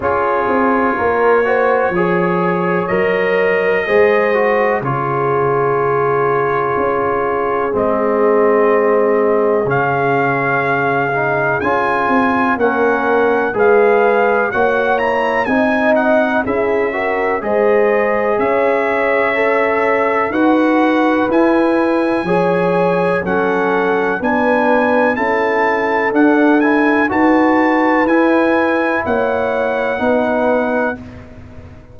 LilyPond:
<<
  \new Staff \with { instrumentName = "trumpet" } { \time 4/4 \tempo 4 = 62 cis''2. dis''4~ | dis''4 cis''2. | dis''2 f''2 | gis''4 fis''4 f''4 fis''8 ais''8 |
gis''8 fis''8 e''4 dis''4 e''4~ | e''4 fis''4 gis''2 | fis''4 gis''4 a''4 fis''8 gis''8 | a''4 gis''4 fis''2 | }
  \new Staff \with { instrumentName = "horn" } { \time 4/4 gis'4 ais'8 c''8 cis''2 | c''4 gis'2.~ | gis'1~ | gis'4 ais'4 b'4 cis''4 |
dis''4 gis'8 ais'8 c''4 cis''4~ | cis''4 b'2 cis''4 | a'4 b'4 a'2 | b'2 cis''4 b'4 | }
  \new Staff \with { instrumentName = "trombone" } { \time 4/4 f'4. fis'8 gis'4 ais'4 | gis'8 fis'8 f'2. | c'2 cis'4. dis'8 | f'4 cis'4 gis'4 fis'8 e'8 |
dis'4 e'8 fis'8 gis'2 | a'4 fis'4 e'4 gis'4 | cis'4 d'4 e'4 d'8 e'8 | fis'4 e'2 dis'4 | }
  \new Staff \with { instrumentName = "tuba" } { \time 4/4 cis'8 c'8 ais4 f4 fis4 | gis4 cis2 cis'4 | gis2 cis2 | cis'8 c'8 ais4 gis4 ais4 |
c'4 cis'4 gis4 cis'4~ | cis'4 dis'4 e'4 f4 | fis4 b4 cis'4 d'4 | dis'4 e'4 ais4 b4 | }
>>